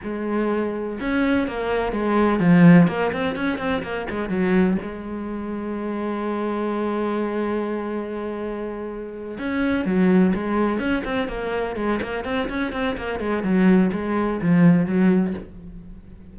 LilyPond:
\new Staff \with { instrumentName = "cello" } { \time 4/4 \tempo 4 = 125 gis2 cis'4 ais4 | gis4 f4 ais8 c'8 cis'8 c'8 | ais8 gis8 fis4 gis2~ | gis1~ |
gis2.~ gis8 cis'8~ | cis'8 fis4 gis4 cis'8 c'8 ais8~ | ais8 gis8 ais8 c'8 cis'8 c'8 ais8 gis8 | fis4 gis4 f4 fis4 | }